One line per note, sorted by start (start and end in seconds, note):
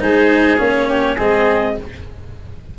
0.00 0.59 G#3
0.00 0.58 D#4
0.00 0.89 G#4
0.00 0.59 C5
0.58 1.18 A#3
0.58 1.17 C#4
0.58 1.20 C#5
0.89 1.16 G4
1.16 1.78 G#3
1.16 1.77 C4
1.16 1.75 G#4
1.16 1.79 D#5